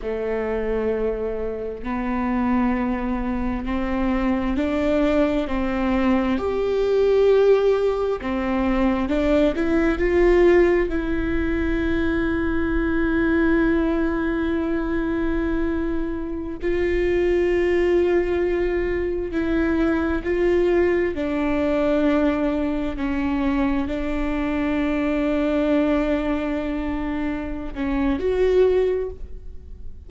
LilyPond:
\new Staff \with { instrumentName = "viola" } { \time 4/4 \tempo 4 = 66 a2 b2 | c'4 d'4 c'4 g'4~ | g'4 c'4 d'8 e'8 f'4 | e'1~ |
e'2~ e'16 f'4.~ f'16~ | f'4~ f'16 e'4 f'4 d'8.~ | d'4~ d'16 cis'4 d'4.~ d'16~ | d'2~ d'8 cis'8 fis'4 | }